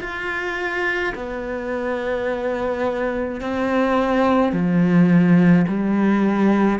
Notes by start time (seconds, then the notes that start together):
0.00 F4
1.14 B3
3.40 C4
4.52 F3
5.67 G3